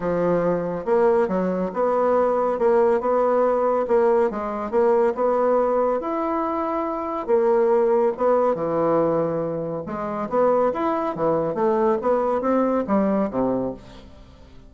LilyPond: \new Staff \with { instrumentName = "bassoon" } { \time 4/4 \tempo 4 = 140 f2 ais4 fis4 | b2 ais4 b4~ | b4 ais4 gis4 ais4 | b2 e'2~ |
e'4 ais2 b4 | e2. gis4 | b4 e'4 e4 a4 | b4 c'4 g4 c4 | }